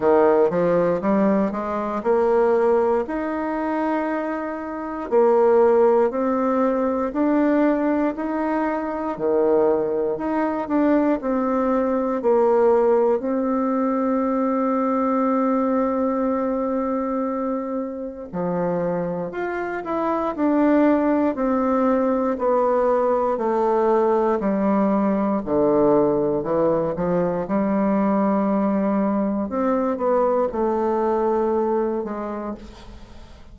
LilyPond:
\new Staff \with { instrumentName = "bassoon" } { \time 4/4 \tempo 4 = 59 dis8 f8 g8 gis8 ais4 dis'4~ | dis'4 ais4 c'4 d'4 | dis'4 dis4 dis'8 d'8 c'4 | ais4 c'2.~ |
c'2 f4 f'8 e'8 | d'4 c'4 b4 a4 | g4 d4 e8 f8 g4~ | g4 c'8 b8 a4. gis8 | }